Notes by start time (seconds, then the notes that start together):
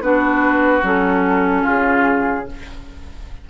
0.00 B3 D4 F#4 B4
0.82 F#3 C#4 A4
1.62 C#3 F4 G#4